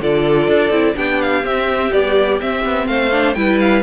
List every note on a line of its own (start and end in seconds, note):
0.00 0.48 D3
0.00 0.72 F4
0.00 0.96 A4
0.00 0.97 D5
0.48 0.70 D4
0.70 0.94 C4
0.70 0.95 E4
0.95 1.43 B3
0.95 1.43 D4
0.95 2.88 G4
0.95 1.21 G5
1.21 1.45 F5
1.43 1.91 C4
1.43 1.92 C4
1.43 1.93 E5
1.92 2.40 G3
1.92 2.41 B3
1.92 2.41 D5
2.40 3.11 C4
2.40 2.65 C4
2.40 2.87 E5
2.65 2.88 B3
2.87 3.36 A3
2.87 3.37 C5
2.87 3.34 F5
3.11 3.35 D4
3.34 3.83 G3
3.34 3.83 E4
3.34 3.83 B4
3.34 3.58 G5
3.60 3.83 F5